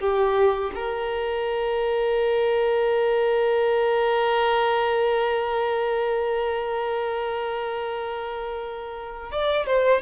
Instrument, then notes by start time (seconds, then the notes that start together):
violin
0.00 G4
0.75 A#4
9.31 D5
9.67 C5